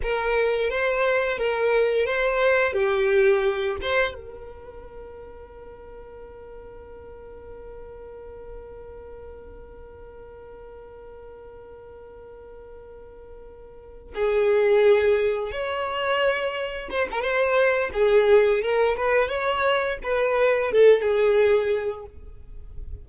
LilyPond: \new Staff \with { instrumentName = "violin" } { \time 4/4 \tempo 4 = 87 ais'4 c''4 ais'4 c''4 | g'4. c''8 ais'2~ | ais'1~ | ais'1~ |
ais'1~ | ais'8 gis'2 cis''4.~ | cis''8 c''16 ais'16 c''4 gis'4 ais'8 b'8 | cis''4 b'4 a'8 gis'4. | }